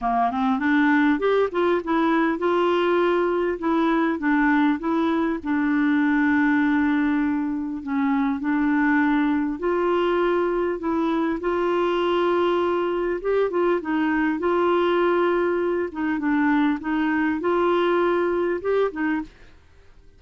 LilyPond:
\new Staff \with { instrumentName = "clarinet" } { \time 4/4 \tempo 4 = 100 ais8 c'8 d'4 g'8 f'8 e'4 | f'2 e'4 d'4 | e'4 d'2.~ | d'4 cis'4 d'2 |
f'2 e'4 f'4~ | f'2 g'8 f'8 dis'4 | f'2~ f'8 dis'8 d'4 | dis'4 f'2 g'8 dis'8 | }